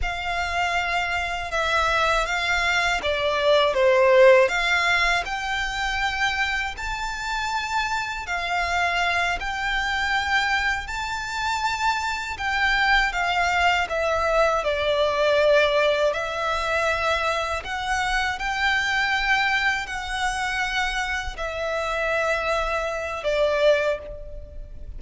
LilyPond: \new Staff \with { instrumentName = "violin" } { \time 4/4 \tempo 4 = 80 f''2 e''4 f''4 | d''4 c''4 f''4 g''4~ | g''4 a''2 f''4~ | f''8 g''2 a''4.~ |
a''8 g''4 f''4 e''4 d''8~ | d''4. e''2 fis''8~ | fis''8 g''2 fis''4.~ | fis''8 e''2~ e''8 d''4 | }